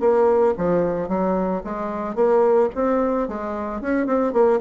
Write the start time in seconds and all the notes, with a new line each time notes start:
0.00 A#3
0.57 F3
1.08 F#3
1.64 G#3
2.15 A#3
2.75 C4
3.28 G#3
3.81 C#4
4.06 C4
4.33 A#3